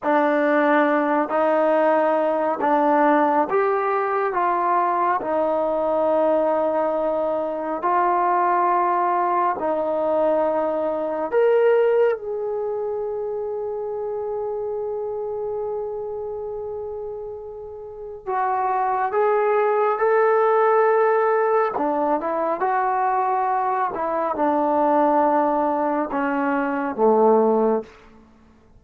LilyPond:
\new Staff \with { instrumentName = "trombone" } { \time 4/4 \tempo 4 = 69 d'4. dis'4. d'4 | g'4 f'4 dis'2~ | dis'4 f'2 dis'4~ | dis'4 ais'4 gis'2~ |
gis'1~ | gis'4 fis'4 gis'4 a'4~ | a'4 d'8 e'8 fis'4. e'8 | d'2 cis'4 a4 | }